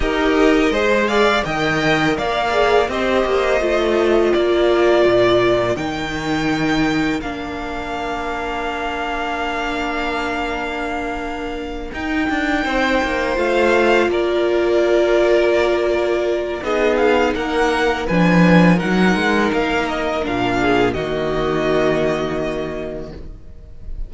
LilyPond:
<<
  \new Staff \with { instrumentName = "violin" } { \time 4/4 \tempo 4 = 83 dis''4. f''8 g''4 f''4 | dis''2 d''2 | g''2 f''2~ | f''1~ |
f''8 g''2 f''4 d''8~ | d''2. dis''8 f''8 | fis''4 gis''4 fis''4 f''8 dis''8 | f''4 dis''2. | }
  \new Staff \with { instrumentName = "violin" } { \time 4/4 ais'4 c''8 d''8 dis''4 d''4 | c''2 ais'2~ | ais'1~ | ais'1~ |
ais'4. c''2 ais'8~ | ais'2. gis'4 | ais'4 b'4 ais'2~ | ais'8 gis'8 fis'2. | }
  \new Staff \with { instrumentName = "viola" } { \time 4/4 g'4 gis'4 ais'4. gis'8 | g'4 f'2. | dis'2 d'2~ | d'1~ |
d'8 dis'2 f'4.~ | f'2. dis'4~ | dis'4 d'4 dis'2 | d'4 ais2. | }
  \new Staff \with { instrumentName = "cello" } { \time 4/4 dis'4 gis4 dis4 ais4 | c'8 ais8 a4 ais4 ais,4 | dis2 ais2~ | ais1~ |
ais8 dis'8 d'8 c'8 ais8 a4 ais8~ | ais2. b4 | ais4 f4 fis8 gis8 ais4 | ais,4 dis2. | }
>>